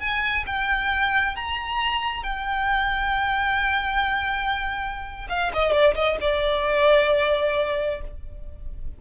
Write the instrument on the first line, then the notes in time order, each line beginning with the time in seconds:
violin
0.00 G#5
0.47 G5
1.36 A#5
2.24 G5
5.29 F5
5.54 D#5
5.72 D5
5.95 D#5
6.21 D5